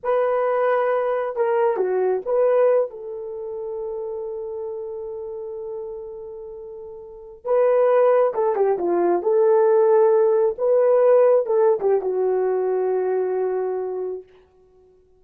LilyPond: \new Staff \with { instrumentName = "horn" } { \time 4/4 \tempo 4 = 135 b'2. ais'4 | fis'4 b'4. a'4.~ | a'1~ | a'1~ |
a'8. b'2 a'8 g'8 f'16~ | f'8. a'2. b'16~ | b'4.~ b'16 a'8. g'8 fis'4~ | fis'1 | }